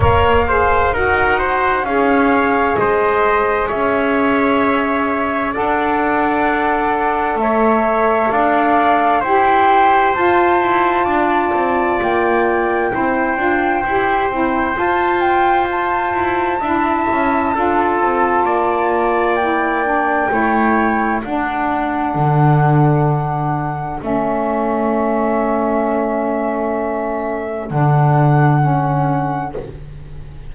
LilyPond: <<
  \new Staff \with { instrumentName = "flute" } { \time 4/4 \tempo 4 = 65 f''4 fis''4 f''4 dis''4 | e''2 fis''2 | e''4 f''4 g''4 a''4~ | a''4 g''2. |
a''8 g''8 a''2.~ | a''4 g''2 fis''4~ | fis''2 e''2~ | e''2 fis''2 | }
  \new Staff \with { instrumentName = "trumpet" } { \time 4/4 cis''8 c''8 ais'8 c''8 cis''4 c''4 | cis''2 d''2 | cis''4 d''4 c''2 | d''2 c''2~ |
c''2 e''4 a'4 | d''2 cis''4 a'4~ | a'1~ | a'1 | }
  \new Staff \with { instrumentName = "saxophone" } { \time 4/4 ais'8 gis'8 fis'4 gis'2~ | gis'2 a'2~ | a'2 g'4 f'4~ | f'2 e'8 f'8 g'8 e'8 |
f'2 e'4 f'4~ | f'4 e'8 d'8 e'4 d'4~ | d'2 cis'2~ | cis'2 d'4 cis'4 | }
  \new Staff \with { instrumentName = "double bass" } { \time 4/4 ais4 dis'4 cis'4 gis4 | cis'2 d'2 | a4 d'4 e'4 f'8 e'8 | d'8 c'8 ais4 c'8 d'8 e'8 c'8 |
f'4. e'8 d'8 cis'8 d'8 c'8 | ais2 a4 d'4 | d2 a2~ | a2 d2 | }
>>